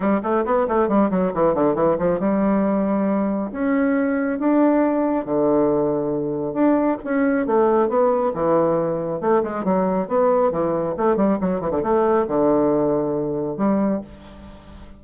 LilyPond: \new Staff \with { instrumentName = "bassoon" } { \time 4/4 \tempo 4 = 137 g8 a8 b8 a8 g8 fis8 e8 d8 | e8 f8 g2. | cis'2 d'2 | d2. d'4 |
cis'4 a4 b4 e4~ | e4 a8 gis8 fis4 b4 | e4 a8 g8 fis8 e16 d16 a4 | d2. g4 | }